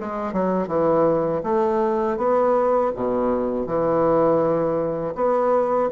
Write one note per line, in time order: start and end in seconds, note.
0.00 0.33 G#3
0.33 0.68 F#3
0.68 1.42 E3
1.43 2.17 A3
2.17 2.91 B3
2.95 3.66 B2
3.66 5.14 E3
5.15 5.89 B3